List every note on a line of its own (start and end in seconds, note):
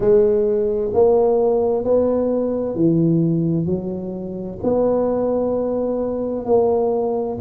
0.00 0.91 G#3
0.93 1.84 A#3
1.84 2.74 B3
2.74 3.65 E3
3.65 4.58 F#3
4.63 6.45 B3
6.45 7.38 A#3